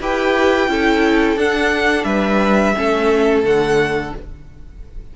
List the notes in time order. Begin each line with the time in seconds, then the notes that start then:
0.00 E4 G4 B4 G5
0.68 C#4 E4 A4
1.36 D4 F#5
2.04 G3 B4 E5
2.75 A3 C#4 A4
3.43 D3 A3 F#5